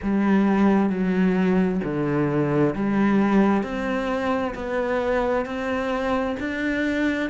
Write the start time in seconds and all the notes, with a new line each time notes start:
0.02 G3
0.89 F#3
1.83 D3
2.75 G3
3.63 C4
4.55 B3
5.45 C4
6.39 D4